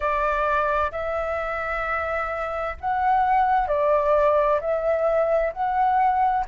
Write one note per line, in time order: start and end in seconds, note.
0.00 0.91 D5
0.91 2.76 E5
2.80 3.67 F#5
3.67 4.59 D5
4.60 5.52 E5
5.52 6.44 F#5